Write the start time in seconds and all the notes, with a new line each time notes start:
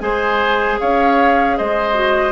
0.00 G#3 G#4 C5 G#5
0.80 C#4 C#5 F5
1.57 G#3 C5 D#5
1.94 F#4